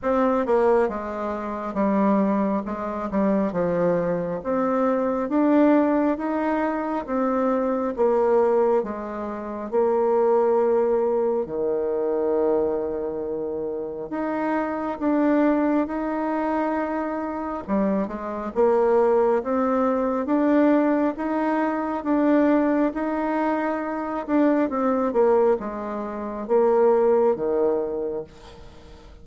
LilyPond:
\new Staff \with { instrumentName = "bassoon" } { \time 4/4 \tempo 4 = 68 c'8 ais8 gis4 g4 gis8 g8 | f4 c'4 d'4 dis'4 | c'4 ais4 gis4 ais4~ | ais4 dis2. |
dis'4 d'4 dis'2 | g8 gis8 ais4 c'4 d'4 | dis'4 d'4 dis'4. d'8 | c'8 ais8 gis4 ais4 dis4 | }